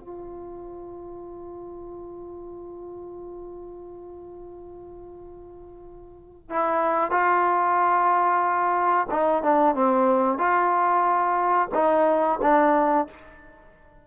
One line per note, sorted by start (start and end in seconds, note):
0.00 6.50 F4
6.50 7.11 E4
7.11 9.07 F4
9.11 9.43 D#4
9.43 9.75 D4
9.75 10.38 C4
10.38 11.69 F4
11.75 12.40 D#4
12.42 13.07 D4